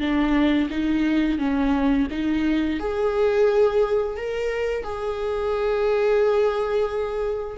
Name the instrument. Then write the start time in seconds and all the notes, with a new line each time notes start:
viola
0.00 D4
0.70 D#4
1.39 C#4
2.11 D#4
2.80 G#4
4.17 A#4
4.84 G#4